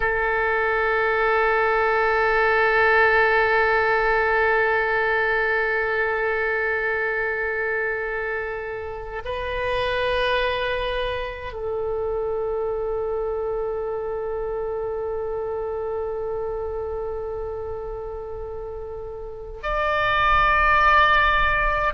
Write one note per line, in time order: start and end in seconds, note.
0.00 9.22 A4
9.24 11.52 B4
11.52 19.60 A4
19.62 21.93 D5